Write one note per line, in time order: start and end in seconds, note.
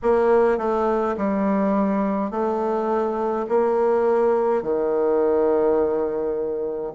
0.02 0.58 A#3
0.58 1.15 A3
1.17 2.30 G3
2.30 3.46 A3
3.49 4.62 A#3
4.62 6.93 D#3